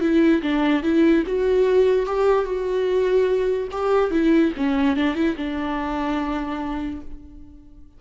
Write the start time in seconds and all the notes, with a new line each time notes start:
0.00 E4
0.41 D4
0.83 E4
1.26 F#4
2.06 G4
2.44 F#4
3.71 G4
4.11 E4
4.56 C#4
4.96 D4
5.14 E4
5.36 D4